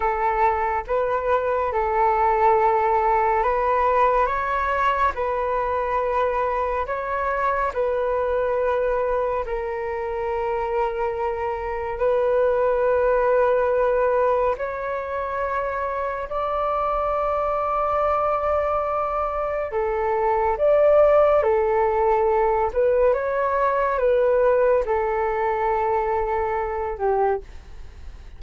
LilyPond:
\new Staff \with { instrumentName = "flute" } { \time 4/4 \tempo 4 = 70 a'4 b'4 a'2 | b'4 cis''4 b'2 | cis''4 b'2 ais'4~ | ais'2 b'2~ |
b'4 cis''2 d''4~ | d''2. a'4 | d''4 a'4. b'8 cis''4 | b'4 a'2~ a'8 g'8 | }